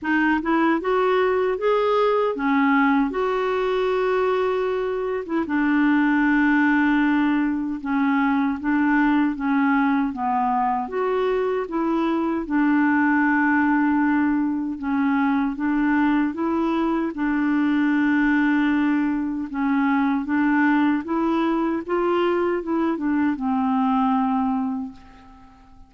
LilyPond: \new Staff \with { instrumentName = "clarinet" } { \time 4/4 \tempo 4 = 77 dis'8 e'8 fis'4 gis'4 cis'4 | fis'2~ fis'8. e'16 d'4~ | d'2 cis'4 d'4 | cis'4 b4 fis'4 e'4 |
d'2. cis'4 | d'4 e'4 d'2~ | d'4 cis'4 d'4 e'4 | f'4 e'8 d'8 c'2 | }